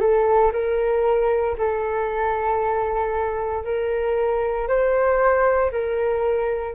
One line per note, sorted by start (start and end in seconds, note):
0.00 0.52 A4
0.52 1.56 A#4
1.58 3.64 A4
3.64 4.67 A#4
4.67 5.71 C5
5.71 6.74 A#4